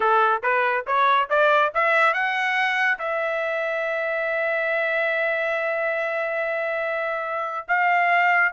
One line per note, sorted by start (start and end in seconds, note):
0.00 0.42 A4
0.42 0.85 B4
0.86 1.29 C#5
1.29 1.72 D5
1.74 2.13 E5
2.13 2.98 F#5
2.98 7.67 E5
7.68 8.52 F5